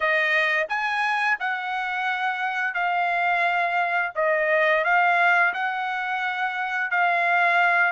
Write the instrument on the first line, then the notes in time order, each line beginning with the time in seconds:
trumpet
0.00 D#5
0.68 G#5
1.39 F#5
2.74 F5
4.15 D#5
4.84 F5
5.53 F#5
6.90 F5